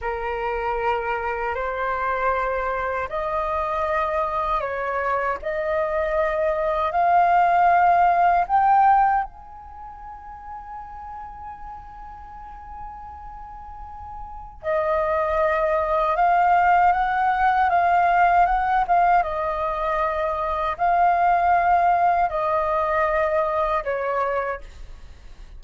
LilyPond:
\new Staff \with { instrumentName = "flute" } { \time 4/4 \tempo 4 = 78 ais'2 c''2 | dis''2 cis''4 dis''4~ | dis''4 f''2 g''4 | gis''1~ |
gis''2. dis''4~ | dis''4 f''4 fis''4 f''4 | fis''8 f''8 dis''2 f''4~ | f''4 dis''2 cis''4 | }